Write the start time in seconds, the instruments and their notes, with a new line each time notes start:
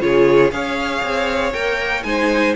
0.00 cello C#3, viola F4, violin G#4 C#5
0.51 cello C#4, viola G#4, violin C#5 F5
1.03 cello C4
1.53 cello A#3, viola A#4, violin G5
2.03 cello G#3, viola D#4, violin C5 G#5